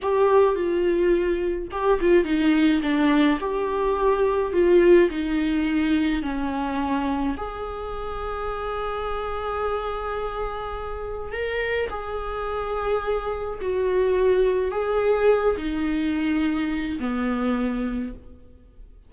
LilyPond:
\new Staff \with { instrumentName = "viola" } { \time 4/4 \tempo 4 = 106 g'4 f'2 g'8 f'8 | dis'4 d'4 g'2 | f'4 dis'2 cis'4~ | cis'4 gis'2.~ |
gis'1 | ais'4 gis'2. | fis'2 gis'4. dis'8~ | dis'2 b2 | }